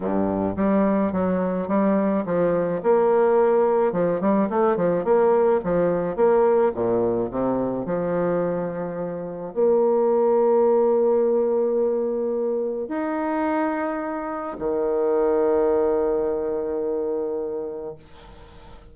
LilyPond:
\new Staff \with { instrumentName = "bassoon" } { \time 4/4 \tempo 4 = 107 g,4 g4 fis4 g4 | f4 ais2 f8 g8 | a8 f8 ais4 f4 ais4 | ais,4 c4 f2~ |
f4 ais2.~ | ais2. dis'4~ | dis'2 dis2~ | dis1 | }